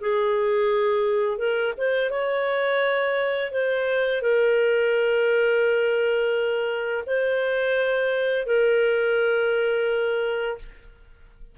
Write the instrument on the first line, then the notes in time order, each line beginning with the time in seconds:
clarinet
0.00 G#4
1.37 A#4
1.77 C5
2.10 C#5
3.51 C5
4.22 A#4
7.06 C5
8.46 A#4